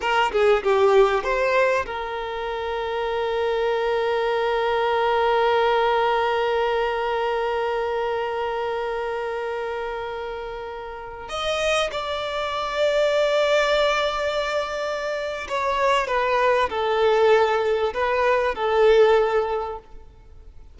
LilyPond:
\new Staff \with { instrumentName = "violin" } { \time 4/4 \tempo 4 = 97 ais'8 gis'8 g'4 c''4 ais'4~ | ais'1~ | ais'1~ | ais'1~ |
ais'2~ ais'16 dis''4 d''8.~ | d''1~ | d''4 cis''4 b'4 a'4~ | a'4 b'4 a'2 | }